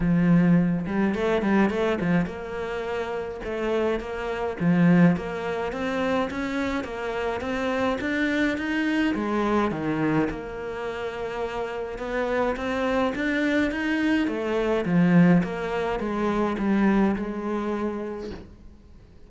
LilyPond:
\new Staff \with { instrumentName = "cello" } { \time 4/4 \tempo 4 = 105 f4. g8 a8 g8 a8 f8 | ais2 a4 ais4 | f4 ais4 c'4 cis'4 | ais4 c'4 d'4 dis'4 |
gis4 dis4 ais2~ | ais4 b4 c'4 d'4 | dis'4 a4 f4 ais4 | gis4 g4 gis2 | }